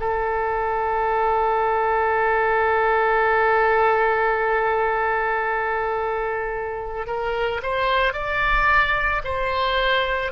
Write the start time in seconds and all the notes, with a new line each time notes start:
0.00 A4
7.07 A#4
7.63 C5
8.13 D5
9.24 C5